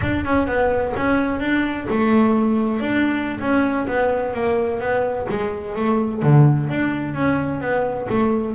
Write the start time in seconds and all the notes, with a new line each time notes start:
0.01 D4
0.25 C#4
0.47 B3
0.96 C#4
1.40 D4
1.89 A3
2.80 D4
3.40 C#4
3.87 B3
4.33 A#3
4.80 B3
5.29 G#3
5.75 A3
6.22 D3
6.69 D4
7.14 C#4
7.60 B3
8.09 A3